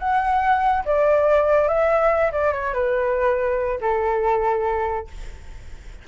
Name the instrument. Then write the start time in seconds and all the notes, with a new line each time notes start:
flute
0.00 F#5
0.86 D5
1.68 E5
2.33 D5
2.54 C#5
2.74 B4
3.81 A4